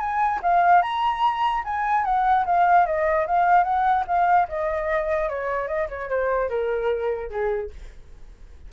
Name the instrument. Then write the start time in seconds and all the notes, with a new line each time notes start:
flute
0.00 G#5
0.43 F5
0.83 A#5
1.65 G#5
2.05 F#5
2.46 F5
2.86 D#5
3.27 F5
3.64 F#5
4.08 F5
4.49 D#5
5.30 C#5
5.68 D#5
5.89 C#5
6.10 C5
6.50 A#4
7.30 G#4